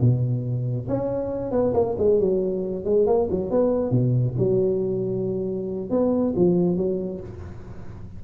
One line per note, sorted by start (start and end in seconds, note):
0.00 0.88 B2
0.88 1.51 C#4
1.51 1.73 B3
1.74 1.95 A#3
1.98 2.20 G#3
2.20 2.84 F#3
2.84 3.06 G#3
3.06 3.28 A#3
3.30 3.50 F#3
3.50 3.91 B3
3.91 4.35 B2
4.38 5.90 F#3
5.90 6.34 B3
6.36 6.76 F3
6.76 7.20 F#3